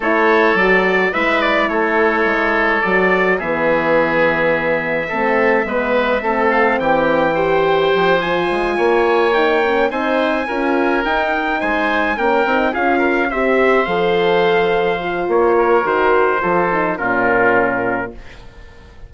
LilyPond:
<<
  \new Staff \with { instrumentName = "trumpet" } { \time 4/4 \tempo 4 = 106 cis''4 d''4 e''8 d''8 cis''4~ | cis''4 d''4 e''2~ | e''2.~ e''8 f''8 | g''2~ g''8 gis''4.~ |
gis''8 g''4 gis''2 g''8~ | g''8 gis''4 g''4 f''4 e''8~ | e''8 f''2~ f''8 cis''4 | c''2 ais'2 | }
  \new Staff \with { instrumentName = "oboe" } { \time 4/4 a'2 b'4 a'4~ | a'2 gis'2~ | gis'4 a'4 b'4 a'4 | g'4 c''2~ c''8 cis''8~ |
cis''4. c''4 ais'4.~ | ais'8 c''4 ais'4 gis'8 ais'8 c''8~ | c''2.~ c''8 ais'8~ | ais'4 a'4 f'2 | }
  \new Staff \with { instrumentName = "horn" } { \time 4/4 e'4 fis'4 e'2~ | e'4 fis'4 b2~ | b4 c'4 b4 c'4~ | c'4 g'4. f'4.~ |
f'8 dis'8 cis'8 dis'4 f'4 dis'8~ | dis'4. cis'8 dis'8 f'4 g'8~ | g'8 a'2 f'4. | fis'4 f'8 dis'8 cis'2 | }
  \new Staff \with { instrumentName = "bassoon" } { \time 4/4 a4 fis4 gis4 a4 | gis4 fis4 e2~ | e4 a4 gis4 a4 | e2 f4 gis8 ais8~ |
ais4. c'4 cis'4 dis'8~ | dis'8 gis4 ais8 c'8 cis'4 c'8~ | c'8 f2~ f8 ais4 | dis4 f4 ais,2 | }
>>